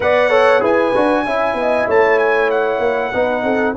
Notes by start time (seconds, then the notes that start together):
0.00 B3 B4 D5 F#5
0.29 A4 C#5
0.60 E4 G#4 B4 G#5
0.94 D4 F#4
1.25 C#4 E4 E5
1.54 B3 D#5
1.88 A3 C#5 A5
2.18 G#5
2.50 F#5
2.78 A#3
3.12 B3 D#4 B4
3.43 C4 A4